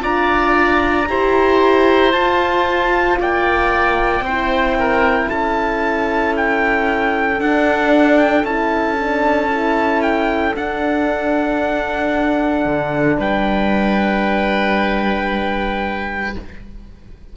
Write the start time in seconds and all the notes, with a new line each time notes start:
0.00 D4 F4 D5 A#5
1.08 E4 G4 C5
2.12 F4 A5
3.20 A#3 D5 G5
4.21 C4 C5
4.27 E4
4.79 A#4
5.29 C#4 A4 A5
6.36 G5
7.38 D4 F#5
8.18 G5
8.44 C#4 E4 A5
8.99 D4
9.50 E4
10.02 G5
10.55 D4 F#5
12.65 D3
13.19 G3 B4 G5